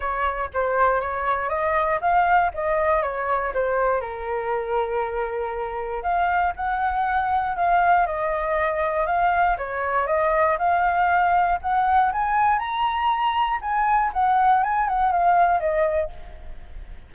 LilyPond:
\new Staff \with { instrumentName = "flute" } { \time 4/4 \tempo 4 = 119 cis''4 c''4 cis''4 dis''4 | f''4 dis''4 cis''4 c''4 | ais'1 | f''4 fis''2 f''4 |
dis''2 f''4 cis''4 | dis''4 f''2 fis''4 | gis''4 ais''2 gis''4 | fis''4 gis''8 fis''8 f''4 dis''4 | }